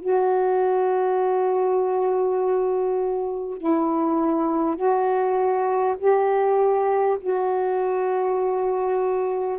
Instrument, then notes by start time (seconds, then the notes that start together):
saxophone
0.00 F#4
3.57 E4
4.76 F#4
5.98 G4
7.20 F#4